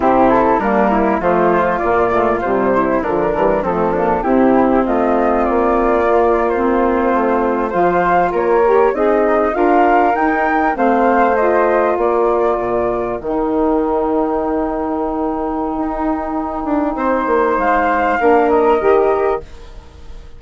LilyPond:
<<
  \new Staff \with { instrumentName = "flute" } { \time 4/4 \tempo 4 = 99 g'8 a'8 ais'4 c''4 d''4 | c''4 ais'4 a'4 g'4 | dis''4 d''4.~ d''16 c''4~ c''16~ | c''8. f''4 cis''4 dis''4 f''16~ |
f''8. g''4 f''4 dis''4 d''16~ | d''4.~ d''16 g''2~ g''16~ | g''1~ | g''4 f''4. dis''4. | }
  \new Staff \with { instrumentName = "flute" } { \time 4/4 e'4 d'8 e'8 f'2~ | f'8 e'8 d'4 c'8 d'8 e'4 | f'1~ | f'8. c''4 ais'4 dis'4 ais'16~ |
ais'4.~ ais'16 c''2 ais'16~ | ais'1~ | ais'1 | c''2 ais'2 | }
  \new Staff \with { instrumentName = "saxophone" } { \time 4/4 c'4 ais4 a4 ais8 a8 | g4 f8 g8 a8 ais8 c'4~ | c'2 ais8. c'4~ c'16~ | c'8. f'4. g'8 gis'4 f'16~ |
f'8. dis'4 c'4 f'4~ f'16~ | f'4.~ f'16 dis'2~ dis'16~ | dis'1~ | dis'2 d'4 g'4 | }
  \new Staff \with { instrumentName = "bassoon" } { \time 4/4 c4 g4 f4 ais,4 | c4 d8 e8 f4 c4 | a4 ais2~ ais8. a16~ | a8. f4 ais4 c'4 d'16~ |
d'8. dis'4 a2 ais16~ | ais8. ais,4 dis2~ dis16~ | dis2 dis'4. d'8 | c'8 ais8 gis4 ais4 dis4 | }
>>